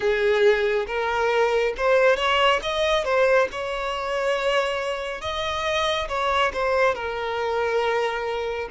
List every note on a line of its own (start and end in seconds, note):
0.00 0.85 G#4
0.86 1.73 A#4
1.77 2.16 C5
2.16 2.59 C#5
2.62 3.04 D#5
3.04 3.48 C5
3.51 5.21 C#5
5.21 6.08 D#5
6.08 6.51 C#5
6.53 6.94 C5
6.94 8.68 A#4